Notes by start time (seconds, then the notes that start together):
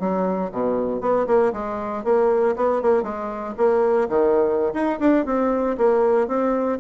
0.00 F#3
0.52 B2
1.01 B3
1.27 A#3
1.53 G#3
2.04 A#3
2.56 B3
2.82 A#3
3.03 G#3
3.57 A#3
4.09 D#3
4.74 D#4
5.00 D4
5.26 C4
5.78 A#3
6.28 C4